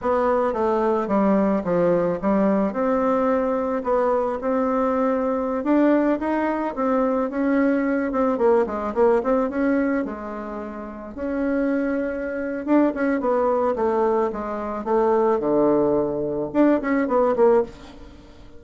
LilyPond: \new Staff \with { instrumentName = "bassoon" } { \time 4/4 \tempo 4 = 109 b4 a4 g4 f4 | g4 c'2 b4 | c'2~ c'16 d'4 dis'8.~ | dis'16 c'4 cis'4. c'8 ais8 gis16~ |
gis16 ais8 c'8 cis'4 gis4.~ gis16~ | gis16 cis'2~ cis'8. d'8 cis'8 | b4 a4 gis4 a4 | d2 d'8 cis'8 b8 ais8 | }